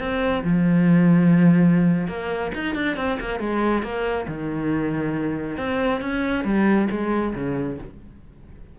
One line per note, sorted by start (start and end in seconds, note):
0.00 0.44 C4
0.45 2.08 F3
2.08 2.52 A#3
2.55 2.75 D#4
2.75 2.97 D4
2.97 3.19 C4
3.20 3.40 A#3
3.40 3.83 G#3
3.83 4.27 A#3
4.28 5.58 D#3
5.58 6.02 C4
6.02 6.45 C#4
6.45 6.89 G3
6.91 7.35 G#3
7.35 7.79 C#3